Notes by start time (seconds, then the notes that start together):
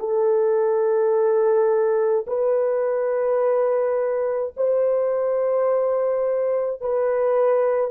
0.00 A4
2.27 B4
4.57 C5
6.81 B4